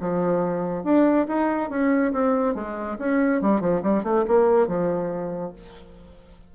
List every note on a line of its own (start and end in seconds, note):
0.00 0.84 F3
0.84 1.26 D4
1.28 1.70 D#4
1.70 2.12 C#4
2.13 2.55 C4
2.55 2.97 G#3
2.99 3.41 C#4
3.41 3.61 G3
3.61 3.82 F3
3.82 4.03 G3
4.03 4.25 A3
4.27 4.67 A#3
4.67 5.52 F3